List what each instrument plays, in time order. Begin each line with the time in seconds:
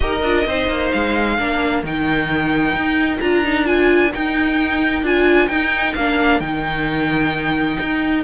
0.00 cello D#4, viola G4, violin A#4 D#5
0.22 cello D4, viola F4
0.46 cello C4, viola D#4, violin C5
0.68 cello A#3
0.92 cello G#3, violin F5
1.35 cello A#3, viola D4, violin A#4
1.83 cello D#3, viola D#4, violin G5
2.73 cello D#4
3.20 cello D4, viola F4, violin A#5
3.44 viola D#4
3.65 viola F4, violin G#5
4.13 viola D#4, cello D#4, violin G5
5.02 cello D4, viola F4, violin G#5
5.48 cello D#4, viola D#4, violin G5
5.94 cello A#3, viola D4, violin F5
6.40 cello D#3, viola D#4, violin G5
7.79 cello D#4